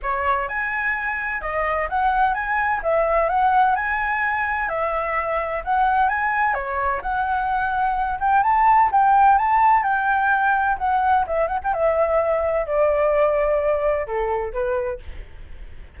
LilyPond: \new Staff \with { instrumentName = "flute" } { \time 4/4 \tempo 4 = 128 cis''4 gis''2 dis''4 | fis''4 gis''4 e''4 fis''4 | gis''2 e''2 | fis''4 gis''4 cis''4 fis''4~ |
fis''4. g''8 a''4 g''4 | a''4 g''2 fis''4 | e''8 fis''16 g''16 e''2 d''4~ | d''2 a'4 b'4 | }